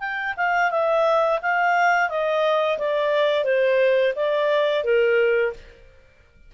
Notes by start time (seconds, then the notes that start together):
0.00 G5
0.37 F5
0.71 E5
1.42 F5
2.09 D#5
2.79 D5
3.45 C5
4.16 D5
4.85 A#4